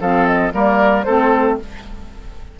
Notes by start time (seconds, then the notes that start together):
0.00 F3 C4 A4 F5
0.26 D#5
0.52 G3 A#3 A#4 D5
1.03 A3 C4 A4 C5